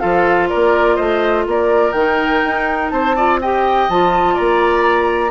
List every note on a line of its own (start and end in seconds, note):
0.00 0.52 F3
0.00 1.94 F4
0.00 0.49 A4
0.00 0.48 F5
0.49 0.98 A#3
0.49 0.96 A#4
0.49 0.96 D5
0.96 1.47 A3
0.96 1.44 C5
0.96 1.44 D#5
1.47 1.93 A#3
1.47 2.93 A#4
1.47 1.92 D5
1.92 2.42 D#3
1.92 3.17 D#4
1.92 2.89 G5
2.45 2.91 D#4
2.90 3.88 C4
2.90 3.16 C5
2.90 3.38 A5
3.16 3.41 F4
3.16 3.40 D5
3.42 3.91 G4
3.42 4.34 D#5
3.42 3.90 G5
3.89 4.37 F3
3.89 5.30 F4
3.89 4.37 A5
4.34 5.30 A#3
4.34 5.30 D5
4.34 5.30 A#5